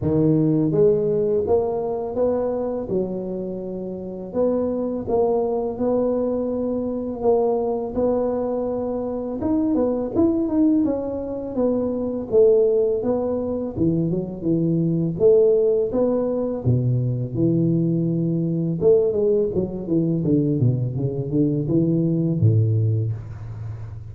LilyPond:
\new Staff \with { instrumentName = "tuba" } { \time 4/4 \tempo 4 = 83 dis4 gis4 ais4 b4 | fis2 b4 ais4 | b2 ais4 b4~ | b4 dis'8 b8 e'8 dis'8 cis'4 |
b4 a4 b4 e8 fis8 | e4 a4 b4 b,4 | e2 a8 gis8 fis8 e8 | d8 b,8 cis8 d8 e4 a,4 | }